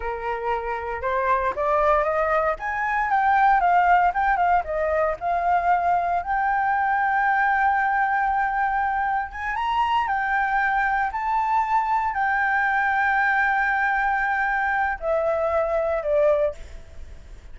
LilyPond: \new Staff \with { instrumentName = "flute" } { \time 4/4 \tempo 4 = 116 ais'2 c''4 d''4 | dis''4 gis''4 g''4 f''4 | g''8 f''8 dis''4 f''2 | g''1~ |
g''2 gis''8 ais''4 g''8~ | g''4. a''2 g''8~ | g''1~ | g''4 e''2 d''4 | }